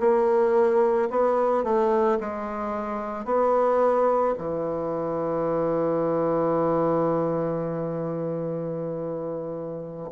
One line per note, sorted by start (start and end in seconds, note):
0.00 1.09 A#3
1.10 1.64 B3
1.64 2.19 A3
2.20 3.25 G#3
3.25 4.34 B3
4.38 10.11 E3